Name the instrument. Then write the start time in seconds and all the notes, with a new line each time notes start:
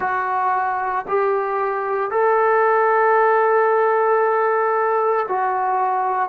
trombone
0.00 F#4
1.08 G4
2.11 A4
5.28 F#4